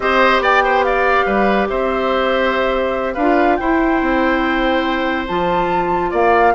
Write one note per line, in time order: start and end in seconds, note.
0.00 0.39 C4
0.00 3.17 G4
0.00 0.42 C5
0.00 0.41 D#5
0.39 1.23 B3
0.39 0.63 D5
0.39 0.83 G5
0.64 0.85 C5
0.83 1.25 D5
0.83 1.68 F5
1.25 1.68 G3
1.25 1.68 B4
1.68 3.16 C4
1.68 3.14 C5
1.68 3.14 E5
3.14 3.58 D4
3.14 3.56 B4
3.14 3.56 F5
3.21 3.61 F4
3.56 4.01 E4
3.56 5.28 E4
3.56 6.10 C5
3.56 5.25 G5
4.01 5.28 C4
5.27 6.12 F3
5.27 6.54 F4
5.27 6.12 A5
6.10 6.54 A#3
6.10 6.53 D5
6.10 6.54 F5